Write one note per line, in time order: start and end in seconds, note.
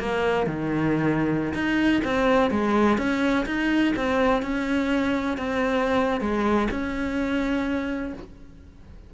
0.00 0.47 A#3
0.47 1.54 D#3
1.55 2.02 D#4
2.05 2.51 C4
2.51 2.98 G#3
2.98 3.46 C#4
3.46 3.94 D#4
3.97 4.43 C4
4.43 5.38 C#4
5.38 6.21 C4
6.21 6.69 G#3
6.71 8.14 C#4